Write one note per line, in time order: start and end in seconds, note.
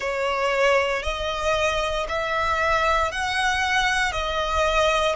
0.00 1.03 C#5
1.03 2.06 D#5
2.08 3.11 E5
3.11 4.11 F#5
4.11 5.15 D#5